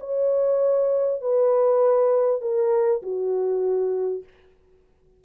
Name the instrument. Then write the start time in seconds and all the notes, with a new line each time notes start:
horn
0.00 C#5
1.21 B4
2.42 A#4
3.03 F#4